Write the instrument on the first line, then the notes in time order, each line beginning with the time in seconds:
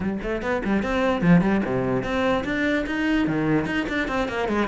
cello
0.00 G3
0.22 A3
0.42 B3
0.64 G3
0.83 C4
1.21 F3
1.41 G3
1.65 C3
2.03 C4
2.44 D4
2.86 D#4
3.27 D#3
3.66 D#4
3.88 D4
4.08 C4
4.28 A#3
4.48 G#3